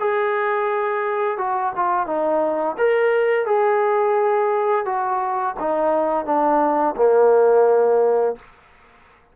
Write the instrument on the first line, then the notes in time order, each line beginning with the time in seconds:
trombone
0.00 G#4
1.38 F#4
1.76 F4
2.06 D#4
2.78 A#4
3.46 G#4
4.86 F#4
5.59 D#4
6.25 D4
6.96 A#3